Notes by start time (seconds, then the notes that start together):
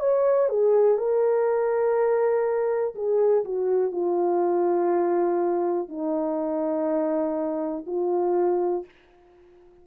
0.00 C#5
0.49 G#4
0.98 A#4
2.95 G#4
3.45 F#4
3.92 F4
5.89 D#4
7.87 F4